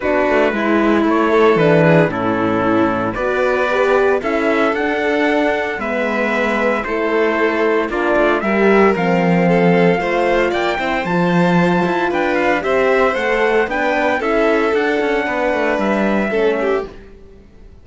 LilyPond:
<<
  \new Staff \with { instrumentName = "trumpet" } { \time 4/4 \tempo 4 = 114 b'2 cis''4 b'4 | a'2 d''2 | e''4 fis''2 e''4~ | e''4 c''2 d''4 |
e''4 f''2. | g''4 a''2 g''8 f''8 | e''4 fis''4 g''4 e''4 | fis''2 e''2 | }
  \new Staff \with { instrumentName = "violin" } { \time 4/4 fis'4 e'4. a'4 gis'8 | e'2 b'2 | a'2. b'4~ | b'4 a'2 f'4 |
ais'2 a'4 c''4 | d''8 c''2~ c''8 b'4 | c''2 b'4 a'4~ | a'4 b'2 a'8 g'8 | }
  \new Staff \with { instrumentName = "horn" } { \time 4/4 d'4 e'2 d'4 | cis'2 fis'4 g'4 | e'4 d'2 b4~ | b4 e'2 d'4 |
g'4 c'2 f'4~ | f'8 e'8 f'2. | g'4 a'4 d'4 e'4 | d'2. cis'4 | }
  \new Staff \with { instrumentName = "cello" } { \time 4/4 b8 a8 gis4 a4 e4 | a,2 b2 | cis'4 d'2 gis4~ | gis4 a2 ais8 a8 |
g4 f2 a4 | ais8 c'8 f4. e'8 d'4 | c'4 a4 b4 cis'4 | d'8 cis'8 b8 a8 g4 a4 | }
>>